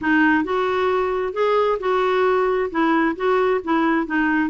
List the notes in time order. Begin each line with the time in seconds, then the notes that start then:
0.01 D#4
0.44 F#4
1.33 G#4
1.79 F#4
2.70 E4
3.15 F#4
3.64 E4
4.06 D#4